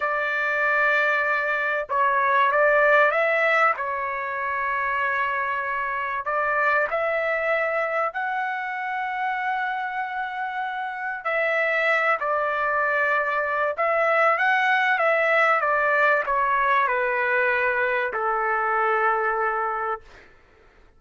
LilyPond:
\new Staff \with { instrumentName = "trumpet" } { \time 4/4 \tempo 4 = 96 d''2. cis''4 | d''4 e''4 cis''2~ | cis''2 d''4 e''4~ | e''4 fis''2.~ |
fis''2 e''4. d''8~ | d''2 e''4 fis''4 | e''4 d''4 cis''4 b'4~ | b'4 a'2. | }